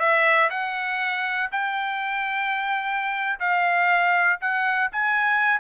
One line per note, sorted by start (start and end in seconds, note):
0.00 0.50 E5
0.50 1.50 F#5
1.52 3.40 G5
3.40 4.40 F5
4.41 4.91 F#5
4.92 5.60 G#5